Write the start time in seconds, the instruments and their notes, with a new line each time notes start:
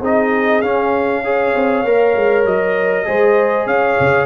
0.00 tuba C4, trombone D#4, horn G#4, trumpet D#5
0.61 tuba C#4, trombone C#4, trumpet F5
1.24 trombone G#4, horn C#5
1.55 tuba C4
1.84 tuba A#3, trombone A#4
2.15 tuba G#3
2.45 tuba F#3, trumpet D#5
3.05 tuba G#3, trombone G#4, horn C5
3.66 tuba C#4, horn C#5, trumpet F5
3.99 tuba C#3